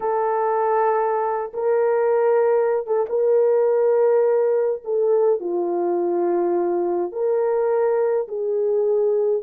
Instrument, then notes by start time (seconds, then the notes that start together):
horn
0.00 A4
1.53 A#4
2.86 A4
3.09 A#4
4.84 A4
5.40 F4
7.12 A#4
8.28 G#4